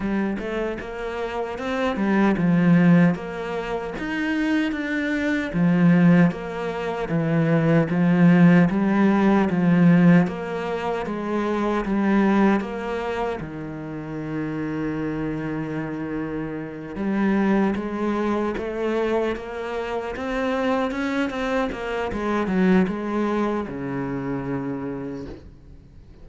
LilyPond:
\new Staff \with { instrumentName = "cello" } { \time 4/4 \tempo 4 = 76 g8 a8 ais4 c'8 g8 f4 | ais4 dis'4 d'4 f4 | ais4 e4 f4 g4 | f4 ais4 gis4 g4 |
ais4 dis2.~ | dis4. g4 gis4 a8~ | a8 ais4 c'4 cis'8 c'8 ais8 | gis8 fis8 gis4 cis2 | }